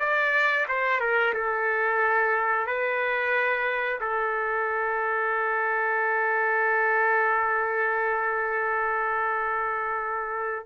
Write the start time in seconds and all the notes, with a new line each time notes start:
0.00 D5
0.68 C5
1.00 A#4
1.34 A4
2.67 B4
4.01 A4